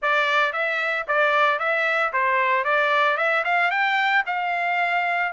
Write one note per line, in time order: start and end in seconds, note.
0.01 0.52 D5
0.52 1.05 E5
1.07 1.59 D5
1.59 2.12 E5
2.12 2.64 C5
2.64 3.17 D5
3.17 3.43 E5
3.44 3.70 F5
3.70 4.23 G5
4.26 5.32 F5